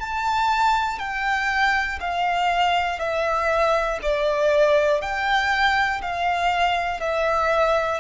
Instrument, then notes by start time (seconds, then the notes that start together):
violin
0.00 A5
0.99 G5
2.00 F5
2.99 E5
4.02 D5
5.02 G5
6.02 F5
7.00 E5